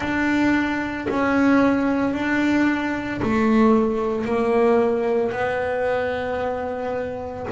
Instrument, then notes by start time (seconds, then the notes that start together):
double bass
0.00 D4
1.09 C#4
2.13 D4
3.21 A3
4.24 A#3
5.32 B3